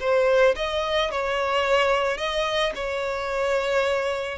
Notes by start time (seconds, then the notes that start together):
0.00 C5
0.56 D#5
1.11 C#5
2.17 D#5
2.74 C#5